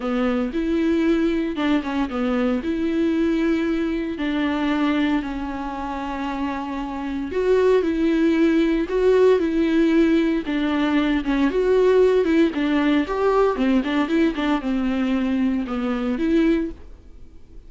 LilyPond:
\new Staff \with { instrumentName = "viola" } { \time 4/4 \tempo 4 = 115 b4 e'2 d'8 cis'8 | b4 e'2. | d'2 cis'2~ | cis'2 fis'4 e'4~ |
e'4 fis'4 e'2 | d'4. cis'8 fis'4. e'8 | d'4 g'4 c'8 d'8 e'8 d'8 | c'2 b4 e'4 | }